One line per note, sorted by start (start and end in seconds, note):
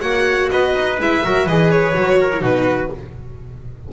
0.00 0.50 A#3
0.00 0.97 F#4
0.00 0.49 C#5
0.00 0.49 F#5
0.51 0.75 B3
0.51 1.25 B4
0.51 0.99 D#5
0.75 0.99 D#4
0.99 1.23 G#3
0.99 1.23 E4
0.99 1.47 E5
1.23 1.46 F#3
1.23 1.48 F#4
1.23 1.45 A#4
1.45 1.94 E3
1.45 1.94 G#4
1.45 2.18 B4
1.45 1.70 D#5
1.70 2.43 C#5
1.94 2.41 F#3
1.94 2.30 F#4
2.20 2.41 A#4
2.33 2.40 E4
2.40 2.90 B2
2.40 2.88 D#4
2.40 2.90 F#4
2.40 2.92 B4